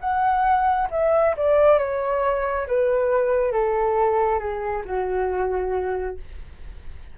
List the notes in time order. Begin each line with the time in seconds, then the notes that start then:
0.00 F#5
0.91 E5
1.36 D5
1.78 C#5
2.67 B4
3.52 A4
4.39 G#4
4.85 F#4